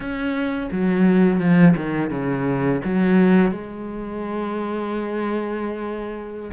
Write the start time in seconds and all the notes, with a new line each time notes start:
0.00 C#4
0.71 F#3
1.39 F3
1.76 D#3
2.10 C#3
2.84 F#3
3.51 G#3